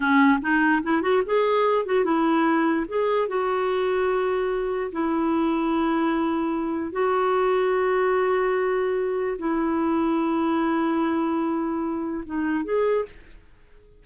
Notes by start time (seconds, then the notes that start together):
0.00 C#4
0.41 D#4
0.82 E4
1.01 F#4
1.25 G#4
1.85 F#4
2.04 E4
2.88 G#4
3.28 F#4
4.92 E4
6.92 F#4
9.38 E4
12.25 D#4
12.64 G#4